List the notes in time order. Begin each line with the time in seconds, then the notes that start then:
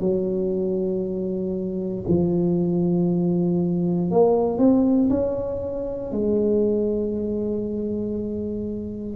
0.00 F#3
2.08 F3
4.11 A#3
4.58 C4
5.10 C#4
6.12 G#3